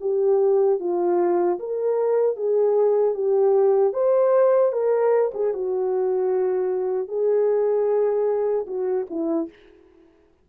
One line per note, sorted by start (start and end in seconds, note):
0.00 0.79 G4
0.79 1.58 F4
1.59 2.36 A#4
2.36 3.14 G#4
3.14 3.93 G4
3.93 4.72 C5
4.72 5.31 A#4
5.34 5.53 G#4
5.53 7.08 F#4
7.08 8.66 G#4
8.67 9.06 F#4
9.09 9.49 E4